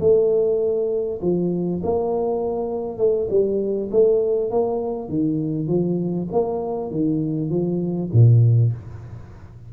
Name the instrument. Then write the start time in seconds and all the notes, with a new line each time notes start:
tuba
0.00 A3
1.22 F3
1.84 A#3
2.98 A3
3.30 G3
3.92 A3
4.51 A#3
5.09 D#3
5.68 F3
6.32 A#3
6.91 D#3
7.50 F3
8.13 A#2